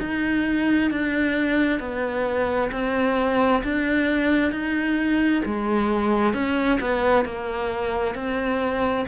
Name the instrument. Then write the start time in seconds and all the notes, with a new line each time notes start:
cello
0.00 D#4
0.91 D4
1.80 B3
2.72 C4
3.64 D4
4.52 D#4
5.45 G#3
6.34 C#4
6.81 B3
7.26 A#3
8.15 C4